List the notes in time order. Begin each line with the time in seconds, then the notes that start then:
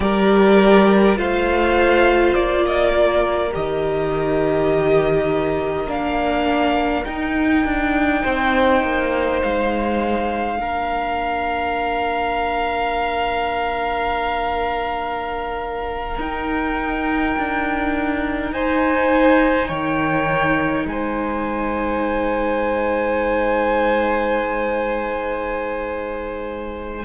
0.00 G3 G4 A#4 D5
1.15 A3 F4 C5 F5
2.34 A#3 D5
2.65 D#5
2.93 A#4
3.52 D#3 G4 D#5
5.86 A#3 D4 F5
7.04 D#4 G5
7.64 D4
8.22 C4 C5
8.83 A#3
9.42 G#3 F5
10.56 A#3 D4 A#4
16.18 D#4 G5
17.37 D4
18.52 D#4 C5 G#5
19.67 D#3 C#5 G5
20.85 G#3 C5 G#5